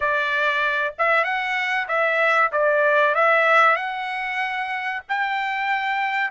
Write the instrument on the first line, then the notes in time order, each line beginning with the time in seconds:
trumpet
0.00 D5
0.98 E5
1.23 F#5
1.88 E5
2.51 D5
3.14 E5
3.76 F#5
5.08 G5